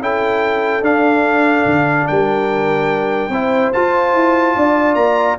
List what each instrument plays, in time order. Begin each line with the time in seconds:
0.00 tuba C#4, trombone E4, horn A4, trumpet G5
0.82 tuba D4, trombone D4, trumpet F5
1.66 tuba D3
2.07 tuba G3, horn A#4, trumpet G5
3.29 tuba C4, trombone E4, horn C5
3.73 trombone F4, tuba F4, trumpet A5
4.14 tuba E4
4.55 tuba D4, horn D5
4.95 tuba A#3, trumpet A#5